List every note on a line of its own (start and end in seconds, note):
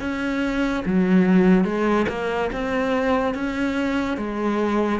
0.00 0.83 C#4
0.85 1.64 F#3
1.64 2.06 G#3
2.09 2.50 A#3
2.52 3.34 C4
3.34 4.17 C#4
4.17 5.00 G#3